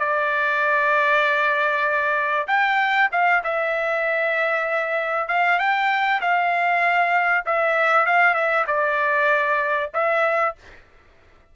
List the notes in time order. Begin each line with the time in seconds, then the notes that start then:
0.00 D5
2.48 G5
3.12 F5
3.44 E5
5.29 F5
5.59 G5
6.21 F5
7.46 E5
8.07 F5
8.34 E5
8.67 D5
9.94 E5